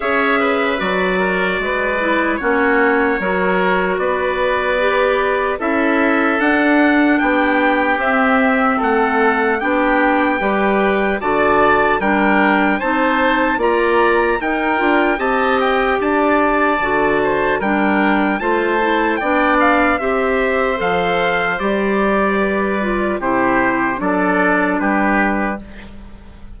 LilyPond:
<<
  \new Staff \with { instrumentName = "trumpet" } { \time 4/4 \tempo 4 = 75 e''4 d''2 cis''4~ | cis''4 d''2 e''4 | fis''4 g''4 e''4 fis''4 | g''2 a''4 g''4 |
a''4 ais''4 g''4 a''8 g''8 | a''2 g''4 a''4 | g''8 f''8 e''4 f''4 d''4~ | d''4 c''4 d''4 b'4 | }
  \new Staff \with { instrumentName = "oboe" } { \time 4/4 cis''8 b'4 ais'8 b'4 fis'4 | ais'4 b'2 a'4~ | a'4 g'2 a'4 | g'4 b'4 d''4 ais'4 |
c''4 d''4 ais'4 dis''4 | d''4. c''8 ais'4 c''4 | d''4 c''2. | b'4 g'4 a'4 g'4 | }
  \new Staff \with { instrumentName = "clarinet" } { \time 4/4 gis'4 fis'4. e'8 cis'4 | fis'2 g'4 e'4 | d'2 c'2 | d'4 g'4 fis'4 d'4 |
dis'4 f'4 dis'8 f'8 g'4~ | g'4 fis'4 d'4 f'8 e'8 | d'4 g'4 a'4 g'4~ | g'8 f'8 e'4 d'2 | }
  \new Staff \with { instrumentName = "bassoon" } { \time 4/4 cis'4 fis4 gis4 ais4 | fis4 b2 cis'4 | d'4 b4 c'4 a4 | b4 g4 d4 g4 |
c'4 ais4 dis'8 d'8 c'4 | d'4 d4 g4 a4 | b4 c'4 f4 g4~ | g4 c4 fis4 g4 | }
>>